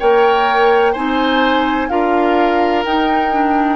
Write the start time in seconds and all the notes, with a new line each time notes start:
0.00 A#3 A#4 C#5 G5
0.93 C4 D#4 C5 G#5
1.89 D4 F4 A#4 F5
2.85 D#4 G5
3.31 D4